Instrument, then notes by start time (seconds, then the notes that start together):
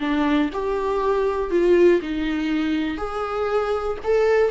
viola
0.00 D4
0.53 G4
1.50 F4
2.02 D#4
2.97 G#4
4.04 A4